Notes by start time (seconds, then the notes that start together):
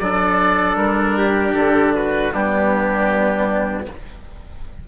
0.00 F#3 D4 A4 D5
0.76 G3 A#4
1.18 G4
1.54 D3 A4
1.95 F#4 B4
2.33 G3 B3 D4 G4